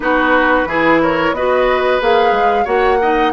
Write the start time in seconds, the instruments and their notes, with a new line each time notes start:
0.00 bassoon B3, clarinet D#4, oboe F#4, flute B4
0.66 bassoon E3, clarinet E4, oboe G#4
1.02 oboe A#4, flute C#5
1.31 bassoon B3, clarinet F#4, oboe B4, flute D#5
2.00 bassoon A#3, clarinet G#4, flute F5
2.31 bassoon G#3
2.64 bassoon A#3, clarinet F#4, oboe C#5, flute F#5
3.01 clarinet D#4, oboe D#5